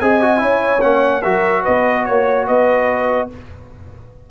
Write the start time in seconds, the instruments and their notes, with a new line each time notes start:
0.00 tuba C4, trombone G#4, horn D#5, trumpet G#5
0.21 trombone F#4
0.38 tuba C#4, trombone E4, horn C#5
0.81 tuba A#3, trombone C#4, trumpet F#5
1.22 tuba F#3, trombone F#4, horn A#4, trumpet E5
1.62 tuba B3, horn B4, trumpet D#5
2.05 tuba A#3, trumpet C#5, horn C#5
2.46 tuba B3, horn B4, trumpet D#5